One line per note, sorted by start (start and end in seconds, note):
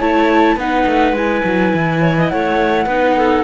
0.00 0.56 A3
0.00 0.59 E4
0.00 0.58 C#5
0.00 0.58 A5
0.56 0.85 B3
0.56 1.16 D#4
0.56 2.02 B4
0.56 1.16 F#5
0.87 1.13 A3
1.13 1.42 G#3
1.13 2.89 E4
1.13 2.29 G#5
1.45 1.74 F#3
1.75 2.32 E3
2.02 2.17 C#5
2.18 2.32 D#5
2.29 2.87 A3
2.29 2.86 C#5
2.29 3.44 F#5
2.86 3.44 B3
2.86 3.45 D#4
2.86 3.15 B4
3.17 3.45 A4